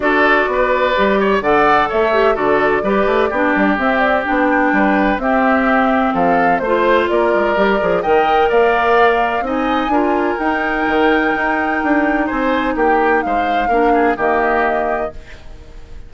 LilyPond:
<<
  \new Staff \with { instrumentName = "flute" } { \time 4/4 \tempo 4 = 127 d''2. fis''4 | e''4 d''2. | e''8 d''8 g''2 e''4~ | e''4 f''4 c''4 d''4~ |
d''4 g''4 f''2 | gis''2 g''2~ | g''2 gis''4 g''4 | f''2 dis''2 | }
  \new Staff \with { instrumentName = "oboe" } { \time 4/4 a'4 b'4. cis''8 d''4 | cis''4 a'4 b'4 g'4~ | g'2 b'4 g'4~ | g'4 a'4 c''4 ais'4~ |
ais'4 dis''4 d''2 | dis''4 ais'2.~ | ais'2 c''4 g'4 | c''4 ais'8 gis'8 g'2 | }
  \new Staff \with { instrumentName = "clarinet" } { \time 4/4 fis'2 g'4 a'4~ | a'8 g'8 fis'4 g'4 d'4 | c'4 d'2 c'4~ | c'2 f'2 |
g'8 gis'8 ais'2. | dis'4 f'4 dis'2~ | dis'1~ | dis'4 d'4 ais2 | }
  \new Staff \with { instrumentName = "bassoon" } { \time 4/4 d'4 b4 g4 d4 | a4 d4 g8 a8 b8 g8 | c'4 b4 g4 c'4~ | c'4 f4 a4 ais8 gis8 |
g8 f8 dis4 ais2 | c'4 d'4 dis'4 dis4 | dis'4 d'4 c'4 ais4 | gis4 ais4 dis2 | }
>>